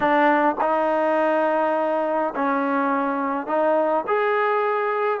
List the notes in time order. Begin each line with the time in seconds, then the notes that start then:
0.00 D4
0.61 D#4
2.35 C#4
3.46 D#4
4.07 G#4